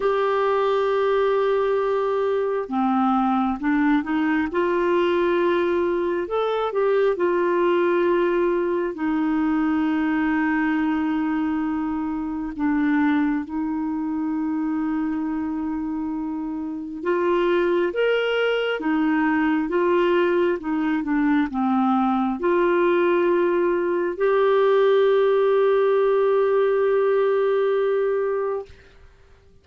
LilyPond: \new Staff \with { instrumentName = "clarinet" } { \time 4/4 \tempo 4 = 67 g'2. c'4 | d'8 dis'8 f'2 a'8 g'8 | f'2 dis'2~ | dis'2 d'4 dis'4~ |
dis'2. f'4 | ais'4 dis'4 f'4 dis'8 d'8 | c'4 f'2 g'4~ | g'1 | }